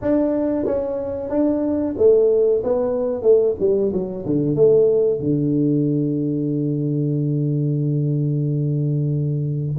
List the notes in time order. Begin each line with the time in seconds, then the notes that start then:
0.01 D4
0.65 C#4
1.29 D4
1.97 A3
2.63 B3
3.22 A3
3.59 G3
3.92 F#3
4.25 D3
4.55 A3
5.19 D3